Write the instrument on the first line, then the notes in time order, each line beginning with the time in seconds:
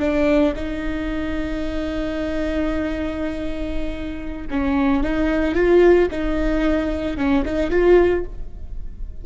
viola
0.00 D4
0.56 D#4
4.51 C#4
5.04 D#4
5.55 F4
6.11 D#4
7.17 C#4
7.45 D#4
7.71 F4